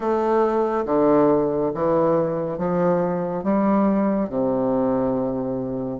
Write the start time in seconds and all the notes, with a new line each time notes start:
0.00 A3
0.85 D3
1.74 E3
2.58 F3
3.43 G3
4.29 C3